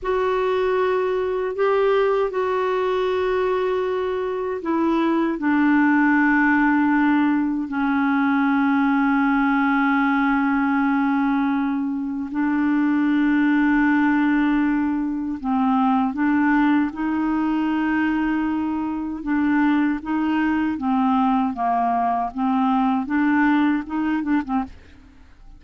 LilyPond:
\new Staff \with { instrumentName = "clarinet" } { \time 4/4 \tempo 4 = 78 fis'2 g'4 fis'4~ | fis'2 e'4 d'4~ | d'2 cis'2~ | cis'1 |
d'1 | c'4 d'4 dis'2~ | dis'4 d'4 dis'4 c'4 | ais4 c'4 d'4 dis'8 d'16 c'16 | }